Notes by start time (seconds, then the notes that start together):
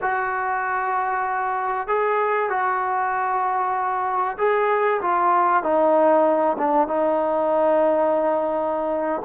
0.01 F#4
1.87 G#4
2.49 F#4
4.38 G#4
5.01 F4
5.62 D#4
6.58 D4
6.87 D#4